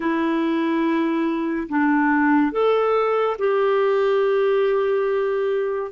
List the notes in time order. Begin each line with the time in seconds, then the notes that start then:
0.00 E4
1.68 D4
2.52 A4
3.38 G4